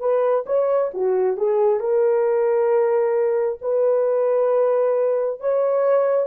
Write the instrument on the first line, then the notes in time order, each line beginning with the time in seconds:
horn
0.00 B4
0.46 C#5
0.94 F#4
1.37 G#4
1.80 A#4
3.61 B4
5.40 C#5